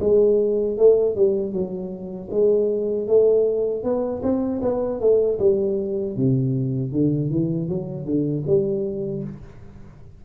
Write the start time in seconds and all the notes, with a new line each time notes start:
0.00 G#3
0.77 A3
1.15 G3
1.52 F#3
2.30 G#3
3.07 A3
3.83 B3
4.22 C4
4.62 B3
5.00 A3
5.39 G3
6.16 C3
6.92 D3
7.30 E3
7.68 F#3
8.05 D3
8.46 G3